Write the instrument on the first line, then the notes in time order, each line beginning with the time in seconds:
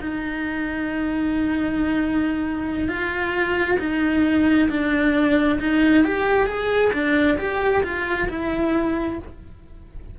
cello
0.00 D#4
2.88 F4
3.79 D#4
4.69 D4
5.60 D#4
6.04 G4
6.46 G#4
6.92 D4
7.38 G4
7.83 F4
8.29 E4